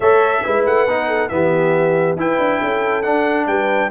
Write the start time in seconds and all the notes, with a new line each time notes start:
0.00 A3 A4 C#5 E5
0.43 G#3 E4 B4
0.65 A3 F#5
0.86 B3 D#4
1.07 A4
1.28 E3 B3 G4 E5
2.15 E4 B4 G5
2.38 D4
2.59 C#4 A4
3.02 D4 F#5
3.47 G3 B4 G5